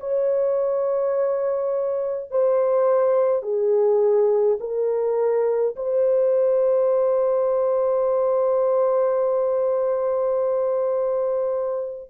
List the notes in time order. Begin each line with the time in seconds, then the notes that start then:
0.00 C#5
2.31 C5
3.42 G#4
4.60 A#4
5.76 C5